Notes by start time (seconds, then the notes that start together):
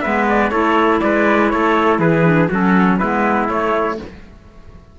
0.00 G#3 B3 B4 E5
0.29 D5
0.50 A3 E4 A4 C#5
1.00 G#3 B4 D5
1.49 A3 A4 C#5
1.99 E3 G#4 B4
2.24 D4
2.49 F#3 C#4 F#4 A4
2.98 G#3 B3 E4 B4
3.48 A3 C#5